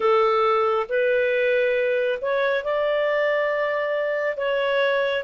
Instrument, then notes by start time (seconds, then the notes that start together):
clarinet
0.00 A4
0.89 B4
2.21 C#5
2.64 D5
4.37 C#5